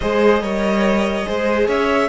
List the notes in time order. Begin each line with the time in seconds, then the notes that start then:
0.00 G#3 G#4 C5 D#5
0.41 G3 A#4 C#5
1.24 G#3 G#4 C5
1.67 C#4 C#5 E5